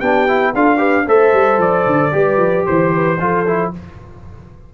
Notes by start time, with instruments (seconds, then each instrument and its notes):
0.00 tuba B3, trombone D4, horn G4, trumpet G5
0.28 trombone E4
0.54 tuba D4, trombone F4, horn A4, trumpet F5
0.78 trombone G4, horn B4
1.07 tuba A3, trombone A4, horn C5, trumpet E5
1.33 tuba G3
1.59 tuba F3, trumpet D5
1.87 tuba D3
2.12 tuba G3, trombone G4, horn B4
2.37 tuba F3
2.66 tuba E3, trumpet C5, horn C5
2.94 horn B4
3.20 tuba F3, trombone F4, horn A4
3.47 trombone E4